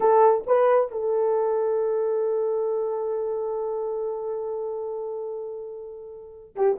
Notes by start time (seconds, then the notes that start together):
0.00 A4
0.47 B4
0.91 A4
6.55 G4